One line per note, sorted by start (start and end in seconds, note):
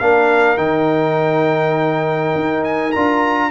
0.00 0.58 A#3
0.00 0.57 D4
0.00 3.50 A#4
0.00 0.58 F5
0.57 2.34 D#3
0.57 2.93 D#4
0.57 2.63 G5
2.36 2.94 D#4
2.64 2.92 G#5
2.92 3.50 D4
2.92 3.50 F4
2.92 3.50 A#5